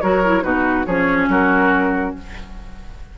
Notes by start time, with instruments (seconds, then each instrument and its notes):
0.00 bassoon F#3, clarinet F#4, oboe A#4, flute C#5
0.24 clarinet E4
0.42 bassoon B2, clarinet D#4, oboe F#4, flute B4
0.85 bassoon F3, clarinet C#4, oboe G#4, flute C#5
1.28 bassoon F#3, oboe F#4, flute A#4